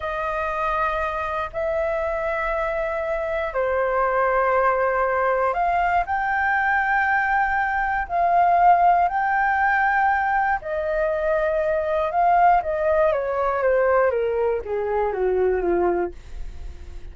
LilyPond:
\new Staff \with { instrumentName = "flute" } { \time 4/4 \tempo 4 = 119 dis''2. e''4~ | e''2. c''4~ | c''2. f''4 | g''1 |
f''2 g''2~ | g''4 dis''2. | f''4 dis''4 cis''4 c''4 | ais'4 gis'4 fis'4 f'4 | }